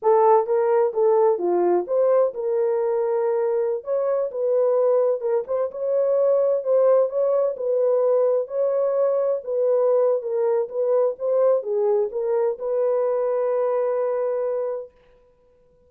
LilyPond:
\new Staff \with { instrumentName = "horn" } { \time 4/4 \tempo 4 = 129 a'4 ais'4 a'4 f'4 | c''4 ais'2.~ | ais'16 cis''4 b'2 ais'8 c''16~ | c''16 cis''2 c''4 cis''8.~ |
cis''16 b'2 cis''4.~ cis''16~ | cis''16 b'4.~ b'16 ais'4 b'4 | c''4 gis'4 ais'4 b'4~ | b'1 | }